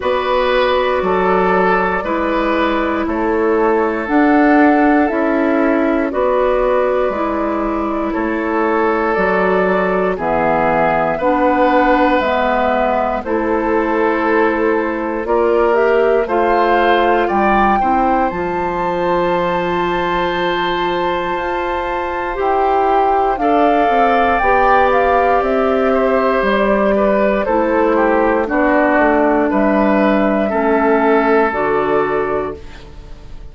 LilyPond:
<<
  \new Staff \with { instrumentName = "flute" } { \time 4/4 \tempo 4 = 59 d''2. cis''4 | fis''4 e''4 d''2 | cis''4 d''4 e''4 fis''4 | e''4 c''2 d''8 e''8 |
f''4 g''4 a''2~ | a''2 g''4 f''4 | g''8 f''8 e''4 d''4 c''4 | d''4 e''2 d''4 | }
  \new Staff \with { instrumentName = "oboe" } { \time 4/4 b'4 a'4 b'4 a'4~ | a'2 b'2 | a'2 gis'4 b'4~ | b'4 a'2 ais'4 |
c''4 d''8 c''2~ c''8~ | c''2. d''4~ | d''4. c''4 b'8 a'8 g'8 | fis'4 b'4 a'2 | }
  \new Staff \with { instrumentName = "clarinet" } { \time 4/4 fis'2 e'2 | d'4 e'4 fis'4 e'4~ | e'4 fis'4 b4 d'4 | b4 e'2 f'8 g'8 |
f'4. e'8 f'2~ | f'2 g'4 a'4 | g'2. e'4 | d'2 cis'4 fis'4 | }
  \new Staff \with { instrumentName = "bassoon" } { \time 4/4 b4 fis4 gis4 a4 | d'4 cis'4 b4 gis4 | a4 fis4 e4 b4 | gis4 a2 ais4 |
a4 g8 c'8 f2~ | f4 f'4 e'4 d'8 c'8 | b4 c'4 g4 a4 | b8 a8 g4 a4 d4 | }
>>